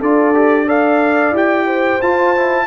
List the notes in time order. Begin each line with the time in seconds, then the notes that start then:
0.00 D4 F4 A4 D5
0.34 G4
0.66 A4 D5 F5
1.32 E4 G4 G5
1.67 C5
2.02 F4 A5
2.37 E4